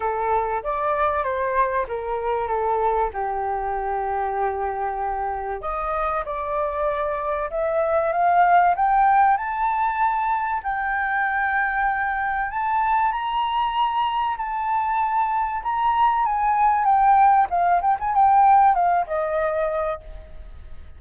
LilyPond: \new Staff \with { instrumentName = "flute" } { \time 4/4 \tempo 4 = 96 a'4 d''4 c''4 ais'4 | a'4 g'2.~ | g'4 dis''4 d''2 | e''4 f''4 g''4 a''4~ |
a''4 g''2. | a''4 ais''2 a''4~ | a''4 ais''4 gis''4 g''4 | f''8 g''16 gis''16 g''4 f''8 dis''4. | }